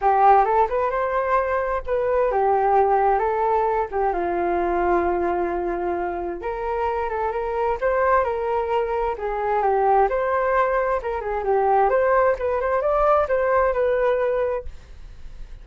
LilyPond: \new Staff \with { instrumentName = "flute" } { \time 4/4 \tempo 4 = 131 g'4 a'8 b'8 c''2 | b'4 g'2 a'4~ | a'8 g'8 f'2.~ | f'2 ais'4. a'8 |
ais'4 c''4 ais'2 | gis'4 g'4 c''2 | ais'8 gis'8 g'4 c''4 b'8 c''8 | d''4 c''4 b'2 | }